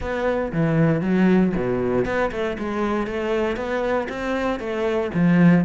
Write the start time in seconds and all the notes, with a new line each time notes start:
0.00 B3
0.52 E3
1.01 F#3
1.56 B2
2.05 B3
2.31 A3
2.58 G#3
3.06 A3
3.56 B3
4.08 C4
4.59 A3
5.14 F3